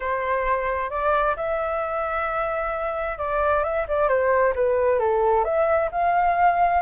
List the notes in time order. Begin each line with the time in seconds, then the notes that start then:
0.00 C5
0.90 D5
1.36 E5
3.18 D5
3.63 E5
3.88 D5
4.08 C5
4.55 B4
4.99 A4
5.44 E5
5.91 F5